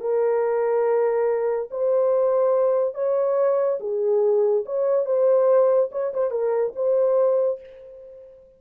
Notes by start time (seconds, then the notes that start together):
0.00 A#4
1.71 C5
2.94 C#5
3.80 G#4
4.65 C#5
5.05 C5
5.92 C#5
6.13 C5
6.31 A#4
6.75 C5